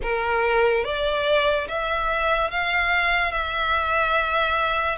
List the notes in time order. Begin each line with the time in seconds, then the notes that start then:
0.02 A#4
0.84 D5
1.68 E5
2.50 F5
3.31 E5